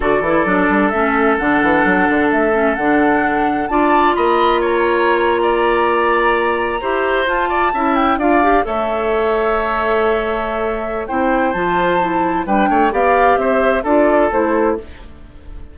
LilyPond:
<<
  \new Staff \with { instrumentName = "flute" } { \time 4/4 \tempo 4 = 130 d''2 e''4 fis''4~ | fis''4 e''4 fis''2 | a''4 b''4 ais''2~ | ais''2.~ ais''8. a''16~ |
a''4~ a''16 g''8 f''4 e''4~ e''16~ | e''1 | g''4 a''2 g''4 | f''4 e''4 d''4 c''4 | }
  \new Staff \with { instrumentName = "oboe" } { \time 4/4 a'1~ | a'1 | d''4 dis''4 cis''4.~ cis''16 d''16~ | d''2~ d''8. c''4~ c''16~ |
c''16 d''8 e''4 d''4 cis''4~ cis''16~ | cis''1 | c''2. b'8 cis''8 | d''4 c''4 a'2 | }
  \new Staff \with { instrumentName = "clarinet" } { \time 4/4 fis'8 e'8 d'4 cis'4 d'4~ | d'4. cis'8 d'2 | f'1~ | f'2~ f'8. g'4 f'16~ |
f'8. e'4 f'8 g'8 a'4~ a'16~ | a'1 | e'4 f'4 e'4 d'4 | g'2 f'4 e'4 | }
  \new Staff \with { instrumentName = "bassoon" } { \time 4/4 d8 e8 fis8 g8 a4 d8 e8 | fis8 d8 a4 d2 | d'4 ais2.~ | ais2~ ais8. e'4 f'16~ |
f'8. cis'4 d'4 a4~ a16~ | a1 | c'4 f2 g8 a8 | b4 c'4 d'4 a4 | }
>>